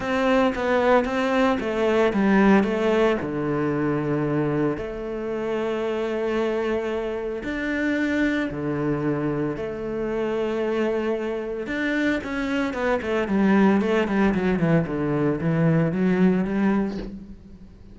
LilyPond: \new Staff \with { instrumentName = "cello" } { \time 4/4 \tempo 4 = 113 c'4 b4 c'4 a4 | g4 a4 d2~ | d4 a2.~ | a2 d'2 |
d2 a2~ | a2 d'4 cis'4 | b8 a8 g4 a8 g8 fis8 e8 | d4 e4 fis4 g4 | }